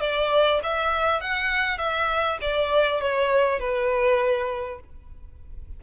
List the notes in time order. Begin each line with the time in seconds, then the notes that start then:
0.00 D5
0.63 E5
1.20 F#5
1.78 E5
2.41 D5
3.01 C#5
3.59 B4